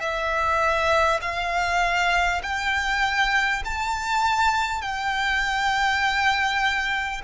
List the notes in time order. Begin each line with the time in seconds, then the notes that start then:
0.00 E5
1.22 F5
2.43 G5
3.65 A5
4.82 G5